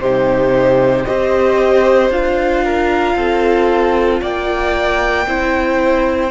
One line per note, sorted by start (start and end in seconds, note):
0.00 1.05 C3
0.00 1.06 D#4
0.00 1.07 G4
0.00 1.05 C5
1.05 2.10 C4
1.05 2.11 G4
1.05 2.65 C5
1.05 2.10 D#5
2.10 3.15 D4
2.10 5.27 F4
2.10 4.23 F5
2.65 3.17 A#4
3.16 4.21 C4
3.16 4.21 A4
4.21 5.27 A#3
4.21 5.27 D5
4.21 6.31 G5
5.27 6.31 C4
5.27 6.31 E4
5.27 6.31 C5